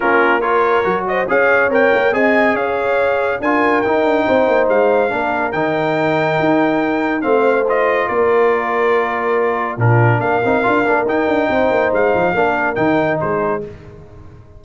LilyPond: <<
  \new Staff \with { instrumentName = "trumpet" } { \time 4/4 \tempo 4 = 141 ais'4 cis''4. dis''8 f''4 | g''4 gis''4 f''2 | gis''4 g''2 f''4~ | f''4 g''2.~ |
g''4 f''4 dis''4 d''4~ | d''2. ais'4 | f''2 g''2 | f''2 g''4 c''4 | }
  \new Staff \with { instrumentName = "horn" } { \time 4/4 f'4 ais'4. c''8 cis''4~ | cis''4 dis''4 cis''2 | ais'2 c''2 | ais'1~ |
ais'4 c''2 ais'4~ | ais'2. f'4 | ais'2. c''4~ | c''4 ais'2 gis'4 | }
  \new Staff \with { instrumentName = "trombone" } { \time 4/4 cis'4 f'4 fis'4 gis'4 | ais'4 gis'2. | f'4 dis'2. | d'4 dis'2.~ |
dis'4 c'4 f'2~ | f'2. d'4~ | d'8 dis'8 f'8 d'8 dis'2~ | dis'4 d'4 dis'2 | }
  \new Staff \with { instrumentName = "tuba" } { \time 4/4 ais2 fis4 cis'4 | c'8 ais8 c'4 cis'2 | d'4 dis'8 d'8 c'8 ais8 gis4 | ais4 dis2 dis'4~ |
dis'4 a2 ais4~ | ais2. ais,4 | ais8 c'8 d'8 ais8 dis'8 d'8 c'8 ais8 | gis8 f8 ais4 dis4 gis4 | }
>>